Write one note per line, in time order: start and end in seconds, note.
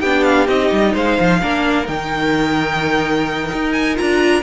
0.00 0.48 B3
0.00 0.47 D4
0.00 0.93 G4
0.00 0.23 G5
0.23 0.47 F5
0.47 0.71 C4
0.47 1.40 D#4
0.47 0.95 D#5
0.72 0.95 G3
0.93 1.18 G#3
0.93 1.40 C5
0.93 1.87 F5
1.20 1.42 F3
1.42 1.88 A#3
1.42 1.85 D4
1.42 4.42 A#4
1.85 3.51 D#3
1.85 3.94 D#4
1.85 3.72 G5
3.52 3.98 D#4
3.72 3.95 G#5
3.96 4.42 D4
3.96 4.42 F4
3.96 4.42 A#5